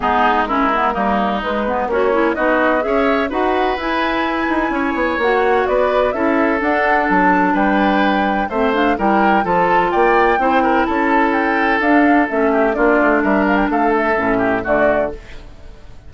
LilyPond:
<<
  \new Staff \with { instrumentName = "flute" } { \time 4/4 \tempo 4 = 127 gis'4 ais'2 b'4 | cis''4 dis''4 e''4 fis''4 | gis''2. fis''4 | d''4 e''4 fis''4 a''4 |
g''2 e''8 f''8 g''4 | a''4 g''2 a''4 | g''4 f''4 e''4 d''4 | e''8 f''16 g''16 f''8 e''4. d''4 | }
  \new Staff \with { instrumentName = "oboe" } { \time 4/4 dis'4 e'4 dis'2 | cis'4 fis'4 cis''4 b'4~ | b'2 cis''2 | b'4 a'2. |
b'2 c''4 ais'4 | a'4 d''4 c''8 ais'8 a'4~ | a'2~ a'8 g'8 f'4 | ais'4 a'4. g'8 fis'4 | }
  \new Staff \with { instrumentName = "clarinet" } { \time 4/4 b4 cis'8 b8 ais4 gis8 b8 | fis'8 e'8 dis'4 gis'4 fis'4 | e'2. fis'4~ | fis'4 e'4 d'2~ |
d'2 c'8 d'8 e'4 | f'2 e'2~ | e'4 d'4 cis'4 d'4~ | d'2 cis'4 a4 | }
  \new Staff \with { instrumentName = "bassoon" } { \time 4/4 gis2 g4 gis4 | ais4 b4 cis'4 dis'4 | e'4. dis'8 cis'8 b8 ais4 | b4 cis'4 d'4 fis4 |
g2 a4 g4 | f4 ais4 c'4 cis'4~ | cis'4 d'4 a4 ais8 a8 | g4 a4 a,4 d4 | }
>>